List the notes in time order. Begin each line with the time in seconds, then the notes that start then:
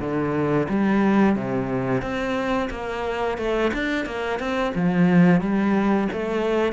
0.00 D3
0.69 G3
1.36 C3
2.02 C4
2.70 A#3
3.38 A3
3.73 D4
4.06 A#3
4.39 C4
4.75 F3
5.41 G3
6.13 A3